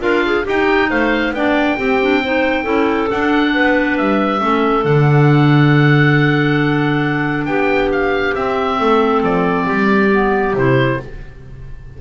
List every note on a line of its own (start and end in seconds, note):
0.00 0.45 D4
0.00 0.44 F4
0.00 0.24 A#4
0.00 0.45 F5
0.26 0.44 G#4
0.44 0.91 D#4
0.44 1.35 D#4
0.44 0.88 G4
0.44 0.91 G5
0.90 1.31 A3
0.90 1.34 C5
0.90 1.34 F5
1.31 1.75 B3
1.31 1.78 D4
1.31 1.78 D5
1.31 3.10 G5
1.78 2.00 C4
1.78 2.65 C4
1.78 2.21 G4
2.02 2.24 D4
2.21 2.65 D#4
2.21 2.64 C5
2.64 3.09 C#4
2.64 3.08 E4
2.64 3.51 A4
3.11 4.40 D4
3.11 3.56 D4
3.11 3.98 F#5
3.54 3.99 B3
3.54 4.41 B4
3.98 4.41 G3
3.98 4.85 E5
4.40 4.84 A3
4.40 4.83 C#4
4.40 7.48 A4
4.84 7.46 D3
4.84 8.34 D4
4.84 7.46 F#5
7.46 8.34 B3
7.46 8.79 G4
7.46 7.90 G5
7.92 8.35 F5
8.34 10.10 C4
8.34 8.79 C4
8.34 9.23 E5
8.79 9.23 A3
8.79 9.66 A4
9.23 9.67 F3
9.23 10.56 D5
9.66 10.53 G3
9.66 10.98 G4
10.11 10.55 B3
10.53 10.97 C3
10.53 11.00 E4
10.53 11.01 C5